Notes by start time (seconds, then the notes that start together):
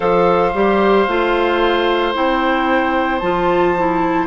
0.00 F3 A4 C5 F5
0.54 G3 G4
1.07 A3 F4
2.13 C4 E4 G5
3.19 F3 F4 A5
3.77 E4